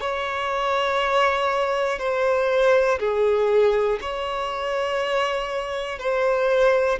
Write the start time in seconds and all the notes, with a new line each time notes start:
0.00 C#5
1.99 C5
2.99 G#4
4.01 C#5
5.99 C5